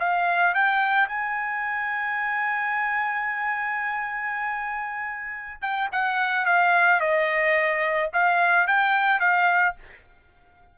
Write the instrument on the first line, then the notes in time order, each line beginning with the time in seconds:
trumpet
0.00 F5
0.55 G5
1.09 G#5
5.62 G5
5.92 F#5
6.46 F5
7.01 D#5
8.14 F5
8.67 G5
9.21 F5